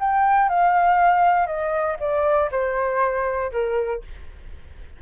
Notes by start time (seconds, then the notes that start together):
0.00 G5
0.49 F5
1.47 D#5
2.00 D5
2.52 C5
3.52 A#4